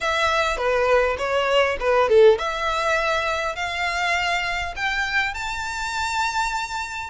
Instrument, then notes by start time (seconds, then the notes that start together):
violin
0.00 E5
0.57 B4
1.17 C#5
1.80 B4
2.09 A4
2.38 E5
3.55 F5
4.76 G5
5.34 A5